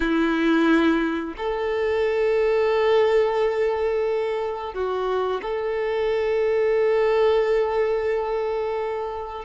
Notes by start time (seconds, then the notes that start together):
0.00 E4
1.37 A4
4.73 F#4
5.41 A4